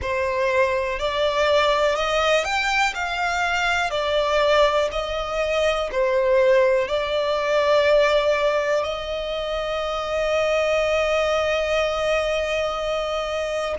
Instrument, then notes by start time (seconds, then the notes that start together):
violin
0.01 C5
0.99 D5
1.95 D#5
2.44 G5
2.94 F5
3.90 D5
4.91 D#5
5.92 C5
6.88 D5
8.83 D#5